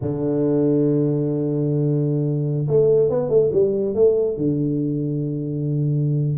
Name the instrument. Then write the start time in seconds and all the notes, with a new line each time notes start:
tuba
0.01 D3
2.67 A3
3.09 B3
3.29 A3
3.52 G3
3.94 A3
4.37 D3